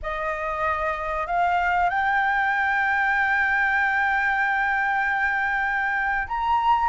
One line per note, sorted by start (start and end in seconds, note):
0.02 1.27 D#5
1.27 1.89 F5
1.89 6.27 G5
6.27 6.89 A#5